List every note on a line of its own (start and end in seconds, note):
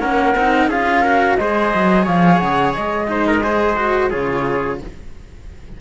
0.00 0.35 A#3
0.00 0.34 C#4
0.00 0.69 A#4
0.00 0.68 F#5
0.35 0.67 C4
0.35 0.71 D#4
0.67 1.36 C#4
0.67 1.05 F4
0.67 1.01 G#4
0.67 1.37 F5
1.01 1.39 F#4
1.01 1.35 A#4
1.37 1.73 G#3
1.37 3.07 G#4
1.37 2.04 C5
1.37 2.05 D#5
1.74 2.07 F#3
2.04 2.41 F3
2.04 3.06 C#5
2.04 2.39 F5
2.39 2.76 C#3
2.39 2.73 F#5
2.73 4.13 G#3
2.73 4.10 D#5
3.07 3.41 D#4
3.07 3.27 C5
3.27 3.43 A#4
3.43 3.76 G#4
3.43 4.10 C5
3.76 4.10 F#4
4.10 4.81 C#3
4.10 4.79 F4
4.10 4.78 G#4
4.10 4.79 C#5